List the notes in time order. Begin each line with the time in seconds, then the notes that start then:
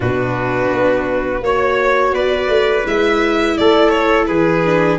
0.00 B2 D4 F#4 B4
0.73 B3
1.41 A#3 F#4 C#5
2.12 B3 B4 D5
2.48 A3
2.84 G#3 E4 E5
3.57 A3 A4 D5
3.89 C#5
4.26 E3 G#4 B4
4.65 D4